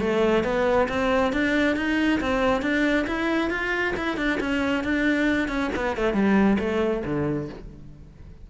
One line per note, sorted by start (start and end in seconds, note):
0.00 0.44 A3
0.44 0.88 B3
0.89 1.33 C4
1.33 1.76 D4
1.76 2.20 D#4
2.21 2.62 C4
2.62 3.06 D4
3.07 3.50 E4
3.50 3.94 F4
3.97 4.17 E4
4.17 4.39 D4
4.40 4.84 C#4
4.84 5.48 D4
5.48 5.71 C#4
5.76 5.97 B3
5.97 6.14 A3
6.14 6.58 G3
6.59 7.03 A3
7.05 7.49 D3